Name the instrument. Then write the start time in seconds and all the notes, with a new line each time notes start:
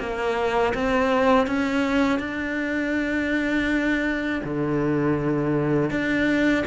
cello
0.00 A#3
0.74 C4
1.47 C#4
2.20 D4
4.44 D3
5.91 D4